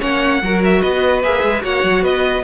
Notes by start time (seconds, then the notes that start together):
0.00 A#3 C#4 C#5 F#5
0.42 F#3 F#4 A#4
0.64 E5
0.81 B3 B4 D#5
1.23 A#3 G#4 E5
1.43 G#3
1.62 A#3 F#4 C#5 F#5
1.83 F#3
2.02 B3 B4 D#5